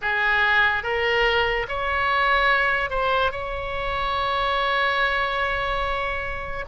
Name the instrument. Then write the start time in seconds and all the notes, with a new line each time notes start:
oboe
0.01 G#4
0.83 A#4
1.68 C#5
2.89 C5
3.31 C#5